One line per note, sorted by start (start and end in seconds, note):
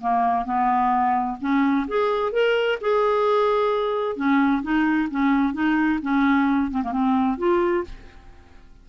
0.00 0.45 A#3
0.45 1.37 B3
1.40 1.86 C#4
1.87 2.32 G#4
2.32 2.78 A#4
2.80 4.16 G#4
4.16 4.62 C#4
4.62 5.08 D#4
5.10 5.53 C#4
5.53 5.99 D#4
6.02 6.70 C#4
6.70 6.82 C4
6.83 6.91 A#3
6.91 7.37 C4
7.37 7.84 F4